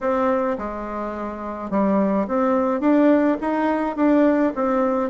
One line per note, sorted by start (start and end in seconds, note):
0.00 0.57 C4
0.57 1.70 G#3
1.70 2.26 G3
2.27 2.80 C4
2.80 3.37 D4
3.40 3.96 D#4
3.96 4.52 D4
4.55 5.09 C4